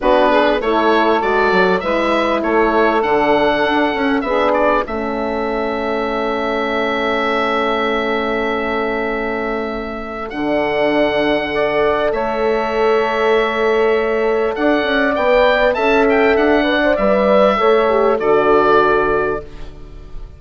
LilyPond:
<<
  \new Staff \with { instrumentName = "oboe" } { \time 4/4 \tempo 4 = 99 b'4 cis''4 d''4 e''4 | cis''4 fis''2 e''8 d''8 | e''1~ | e''1~ |
e''4 fis''2. | e''1 | fis''4 g''4 a''8 g''8 fis''4 | e''2 d''2 | }
  \new Staff \with { instrumentName = "saxophone" } { \time 4/4 fis'8 gis'8 a'2 b'4 | a'2. gis'4 | a'1~ | a'1~ |
a'2. d''4 | cis''1 | d''2 e''4. d''8~ | d''4 cis''4 a'2 | }
  \new Staff \with { instrumentName = "horn" } { \time 4/4 d'4 e'4 fis'4 e'4~ | e'4 d'4. cis'8 d'4 | cis'1~ | cis'1~ |
cis'4 d'2 a'4~ | a'1~ | a'4 b'4 a'4. b'16 c''16 | b'4 a'8 g'8 fis'2 | }
  \new Staff \with { instrumentName = "bassoon" } { \time 4/4 b4 a4 gis8 fis8 gis4 | a4 d4 d'8 cis'8 b4 | a1~ | a1~ |
a4 d2. | a1 | d'8 cis'8 b4 cis'4 d'4 | g4 a4 d2 | }
>>